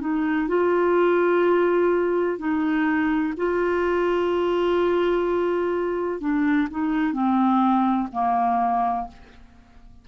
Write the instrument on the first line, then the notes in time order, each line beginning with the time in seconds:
clarinet
0.00 D#4
0.48 F4
2.38 D#4
3.36 F4
6.20 D4
6.70 D#4
7.13 C4
8.12 A#3